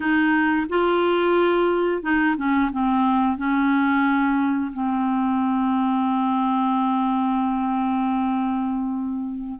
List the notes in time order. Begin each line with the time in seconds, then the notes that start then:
0.00 D#4
0.69 F4
2.02 D#4
2.36 C#4
2.72 C4
3.37 C#4
4.73 C4